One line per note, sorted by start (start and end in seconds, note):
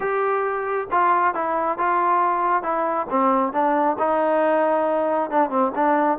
0.00 0.87 G4
0.91 1.34 F4
1.34 1.77 E4
1.77 2.62 F4
2.62 3.07 E4
3.10 3.52 C4
3.52 3.96 D4
3.98 5.30 D#4
5.30 5.49 D4
5.49 5.72 C4
5.75 6.18 D4